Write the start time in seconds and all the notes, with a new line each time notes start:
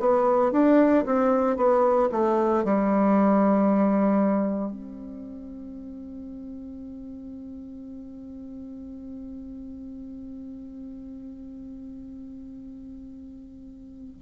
0.00 B3
0.52 D4
1.06 C4
1.57 B3
2.12 A3
2.65 G3
4.72 C4